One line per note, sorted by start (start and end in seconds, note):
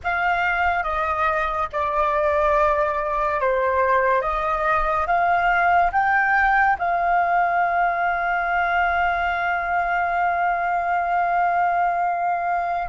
0.03 0.83 F5
0.83 1.67 D#5
1.72 3.40 D5
3.40 4.21 C5
4.21 5.06 D#5
5.06 5.91 F5
5.92 6.76 G5
6.78 12.88 F5